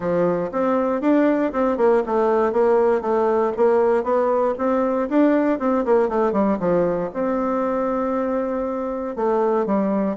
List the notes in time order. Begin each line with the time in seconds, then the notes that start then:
0.00 F3
0.51 C4
1.01 D4
1.52 C4
1.77 A#3
2.05 A3
2.52 A#3
3.01 A3
3.57 A#3
4.03 B3
4.57 C4
5.09 D4
5.59 C4
5.85 A#3
6.09 A3
6.32 G3
6.59 F3
7.13 C4
9.15 A3
9.66 G3